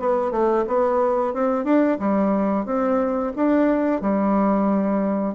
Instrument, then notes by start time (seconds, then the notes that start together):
bassoon
0.00 B3
0.32 A3
0.68 B3
1.34 C4
1.65 D4
2.00 G3
2.66 C4
3.37 D4
4.02 G3